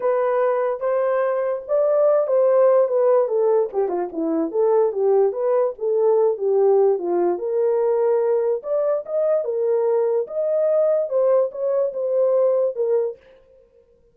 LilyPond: \new Staff \with { instrumentName = "horn" } { \time 4/4 \tempo 4 = 146 b'2 c''2 | d''4. c''4. b'4 | a'4 g'8 f'8 e'4 a'4 | g'4 b'4 a'4. g'8~ |
g'4 f'4 ais'2~ | ais'4 d''4 dis''4 ais'4~ | ais'4 dis''2 c''4 | cis''4 c''2 ais'4 | }